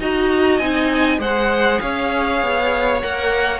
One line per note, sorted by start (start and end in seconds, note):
0.00 0.59 D#4
0.00 0.61 F#4
0.00 1.21 D#5
0.00 0.58 A#5
0.58 1.19 C4
0.58 1.19 D#4
0.58 1.19 G#5
1.19 1.79 G#3
1.19 3.01 G#4
1.19 1.81 C5
1.19 1.81 F#5
1.81 2.42 C#4
1.81 3.60 C#5
1.81 3.02 F5
2.42 3.03 B3
3.03 3.60 A#3
3.03 3.60 A#4
3.03 3.60 F#5